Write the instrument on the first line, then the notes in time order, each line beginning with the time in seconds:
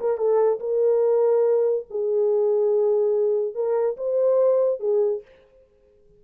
horn
0.00 A#4
0.17 A4
0.60 A#4
1.90 G#4
3.55 A#4
3.97 C5
4.80 G#4